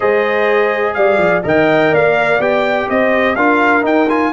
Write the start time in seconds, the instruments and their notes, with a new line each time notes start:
0.00 tuba G#3, trombone G#4, horn C5, trumpet D#5
0.94 tuba G3, horn D5, trumpet F5
1.18 tuba F3
1.43 tuba D#3, trombone A#4, horn D#5, trumpet G5
1.91 tuba A#3, horn D5, trumpet F5
2.38 tuba B3, trombone G4, trumpet G5
2.89 tuba C4, horn C5, trumpet D#5
3.35 tuba D4, trombone F4, horn A#4, trumpet F5
3.82 trombone D#4, tuba D#4, trumpet G5
4.08 trombone F4, trumpet G#5